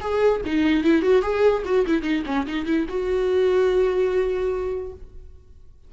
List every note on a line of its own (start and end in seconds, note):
0.00 0.41 G#4
0.45 0.83 D#4
0.83 1.02 E4
1.02 1.22 F#4
1.22 1.63 G#4
1.65 1.85 F#4
1.86 2.02 E4
2.02 2.23 D#4
2.26 2.46 C#4
2.46 2.65 D#4
2.65 2.86 E4
2.88 4.92 F#4